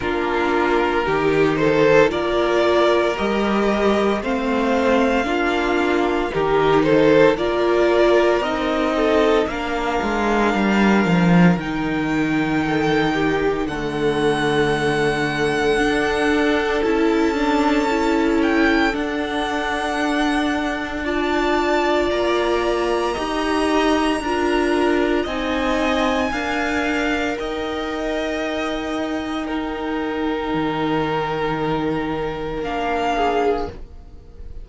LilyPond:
<<
  \new Staff \with { instrumentName = "violin" } { \time 4/4 \tempo 4 = 57 ais'4. c''8 d''4 dis''4 | f''2 ais'8 c''8 d''4 | dis''4 f''2 g''4~ | g''4 fis''2. |
a''4. g''8 fis''2 | a''4 ais''2. | gis''2 g''2~ | g''2. f''4 | }
  \new Staff \with { instrumentName = "violin" } { \time 4/4 f'4 g'8 a'8 ais'2 | c''4 f'4 g'8 a'8 ais'4~ | ais'8 a'8 ais'2. | a'8 g'8 a'2.~ |
a'1 | d''2 dis''4 ais'4 | dis''4 f''4 dis''2 | ais'2.~ ais'8 gis'8 | }
  \new Staff \with { instrumentName = "viola" } { \time 4/4 d'4 dis'4 f'4 g'4 | c'4 d'4 dis'4 f'4 | dis'4 d'2 dis'4~ | dis'4 a2 d'4 |
e'8 d'8 e'4 d'2 | f'2 g'4 f'4 | dis'4 ais'2. | dis'2. d'4 | }
  \new Staff \with { instrumentName = "cello" } { \time 4/4 ais4 dis4 ais4 g4 | a4 ais4 dis4 ais4 | c'4 ais8 gis8 g8 f8 dis4~ | dis4 d2 d'4 |
cis'2 d'2~ | d'4 ais4 dis'4 d'4 | c'4 d'4 dis'2~ | dis'4 dis2 ais4 | }
>>